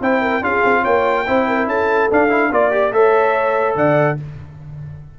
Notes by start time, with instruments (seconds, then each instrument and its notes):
0.00 tuba C4, trombone E4, horn C5, trumpet G5
0.21 horn A#4
0.41 tuba C#4, trombone F4, horn G#4, trumpet F5
0.64 tuba C4
0.81 tuba A#3, horn C#5, trumpet G5
1.26 tuba C4, trombone E4, horn C5
1.47 horn A#4
1.66 tuba C#4, horn A4, trumpet A5
2.10 trombone D4, tuba D4, trumpet F5
2.29 trombone E4
2.51 tuba A#3, trombone F4, horn D5, trumpet D5
2.71 trombone G4
2.92 tuba A3, trombone A4, horn C#5, trumpet E5
3.75 tuba D3, horn D5, trumpet F#5